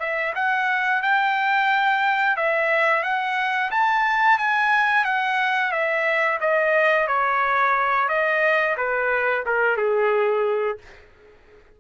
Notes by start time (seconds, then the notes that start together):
0.00 E5
0.35 F#5
1.02 G5
2.37 E5
3.03 F#5
3.71 A5
4.39 G#5
5.05 F#5
5.72 E5
6.41 D#5
7.08 C#5
8.09 D#5
8.77 B4
9.46 A#4
9.78 G#4